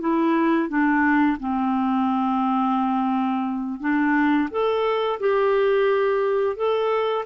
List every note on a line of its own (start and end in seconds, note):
0.00 0.68 E4
0.68 1.37 D4
1.39 3.80 C4
3.80 4.49 D4
4.50 5.19 A4
5.20 6.56 G4
6.56 7.25 A4